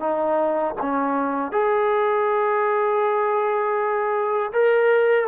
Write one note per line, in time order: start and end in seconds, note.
0.00 0.75 D#4
0.82 1.52 C#4
1.52 4.52 G#4
4.53 5.28 A#4